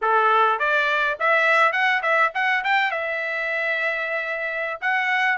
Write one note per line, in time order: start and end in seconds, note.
0.01 0.59 A4
0.59 1.17 D5
1.19 1.72 E5
1.72 2.01 F#5
2.02 2.31 E5
2.34 2.63 F#5
2.64 2.91 G5
2.91 4.80 E5
4.81 5.37 F#5